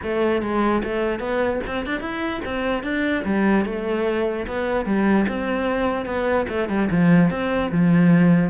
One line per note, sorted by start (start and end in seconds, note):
0.02 0.42 A3
0.42 0.82 G#3
0.83 1.19 A3
1.19 1.60 B3
1.66 1.86 C4
1.86 2.00 D4
2.00 2.40 E4
2.45 2.83 C4
2.83 3.23 D4
3.25 3.65 G3
3.65 4.46 A3
4.47 4.85 B3
4.85 5.26 G3
5.28 6.05 C4
6.05 6.46 B3
6.48 6.68 A3
6.68 6.89 G3
6.90 7.30 F3
7.30 7.70 C4
7.71 8.50 F3